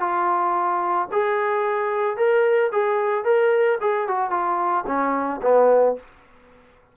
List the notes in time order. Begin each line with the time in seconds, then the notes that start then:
0.00 F4
1.12 G#4
2.17 A#4
2.72 G#4
3.24 A#4
3.81 G#4
4.07 F#4
4.30 F4
4.86 C#4
5.42 B3